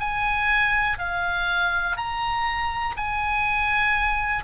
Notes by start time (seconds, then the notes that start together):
0.00 G#5
0.99 F5
1.97 A#5
2.97 G#5